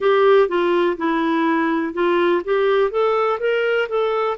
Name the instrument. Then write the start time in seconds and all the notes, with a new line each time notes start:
clarinet
0.00 G4
0.48 F4
0.97 E4
1.93 F4
2.44 G4
2.90 A4
3.39 A#4
3.88 A4